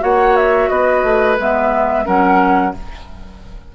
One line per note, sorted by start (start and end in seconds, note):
0.00 0.70 A#3
0.00 1.36 F#4
0.00 0.70 C#5
0.00 0.36 F#5
0.36 0.69 E5
0.69 1.03 B3
0.69 2.06 B4
0.69 1.37 D#5
1.03 1.37 A3
1.39 2.07 G#3
1.39 2.05 B3
1.39 2.06 E5
2.05 2.75 F#3
2.05 2.73 C#4
2.05 2.74 A#4
2.05 2.74 F#5